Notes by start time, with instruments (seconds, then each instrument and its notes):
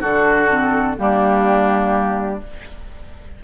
0.00 bassoon D3, clarinet D4, oboe F#4, flute A4
0.49 clarinet C4
0.95 bassoon G3, clarinet A#3, oboe D4, flute G4